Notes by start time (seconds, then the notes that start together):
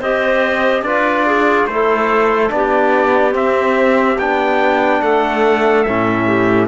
0.00 C4 G4 C5 D#5
0.82 D4 F4 B4 D5
1.27 G#4
1.67 A3 E4 A4 C5
2.49 B3 D4 D5
2.56 G4
3.32 C4 E5
4.18 B3 D4 G5
5.02 A3 A4 F#5
5.84 A2 C#4 E5
6.27 G4